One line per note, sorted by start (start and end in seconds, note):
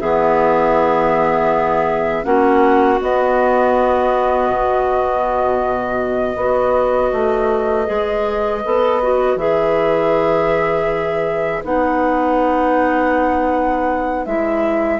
0.00 2.25 E3
0.00 2.24 B3
0.00 2.25 G#4
0.00 2.25 E5
2.24 3.00 A#3
2.24 2.99 C#4
2.24 6.38 F#4
2.24 3.00 F#5
3.01 6.38 B3
3.01 4.49 B3
3.01 9.38 D#5
4.49 6.36 B2
6.36 7.11 B3
6.36 7.86 F#4
6.36 15.00 B4
7.13 7.88 A3
7.86 8.65 G#3
7.86 8.61 G#4
8.65 9.36 B3
8.65 9.02 A4
9.03 9.39 F#4
9.36 11.61 E3
9.36 11.64 G#4
9.36 11.63 E5
11.64 14.26 B3
11.64 14.27 D#4
11.64 14.26 F#5
14.26 15.00 G#3
14.26 15.00 E4
14.26 15.00 E5